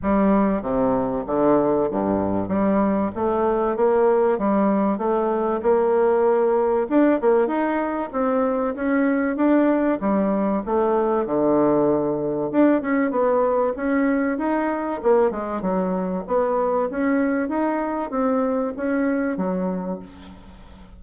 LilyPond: \new Staff \with { instrumentName = "bassoon" } { \time 4/4 \tempo 4 = 96 g4 c4 d4 g,4 | g4 a4 ais4 g4 | a4 ais2 d'8 ais8 | dis'4 c'4 cis'4 d'4 |
g4 a4 d2 | d'8 cis'8 b4 cis'4 dis'4 | ais8 gis8 fis4 b4 cis'4 | dis'4 c'4 cis'4 fis4 | }